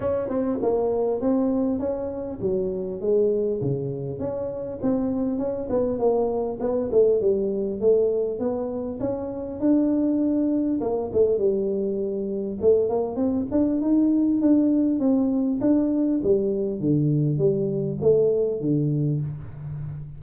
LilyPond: \new Staff \with { instrumentName = "tuba" } { \time 4/4 \tempo 4 = 100 cis'8 c'8 ais4 c'4 cis'4 | fis4 gis4 cis4 cis'4 | c'4 cis'8 b8 ais4 b8 a8 | g4 a4 b4 cis'4 |
d'2 ais8 a8 g4~ | g4 a8 ais8 c'8 d'8 dis'4 | d'4 c'4 d'4 g4 | d4 g4 a4 d4 | }